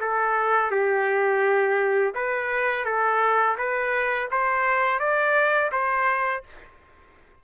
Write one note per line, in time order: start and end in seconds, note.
0.00 0.71 A4
0.71 2.14 G4
2.14 2.85 B4
2.85 3.56 A4
3.57 4.29 B4
4.31 4.99 C5
4.99 5.70 D5
5.72 6.43 C5